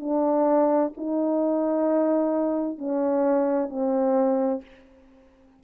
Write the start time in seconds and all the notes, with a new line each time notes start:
0.00 D4
0.97 D#4
2.79 C#4
3.70 C4